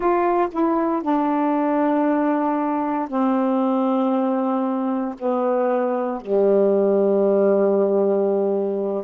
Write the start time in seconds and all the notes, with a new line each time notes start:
0.00 F4
0.51 E4
1.02 D4
3.08 C4
5.19 B3
6.21 G3